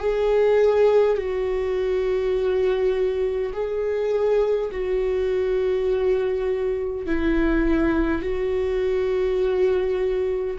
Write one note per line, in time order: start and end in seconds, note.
0.00 1.17 G#4
1.17 3.52 F#4
3.53 4.71 G#4
4.71 7.06 F#4
7.06 8.22 E4
8.22 10.57 F#4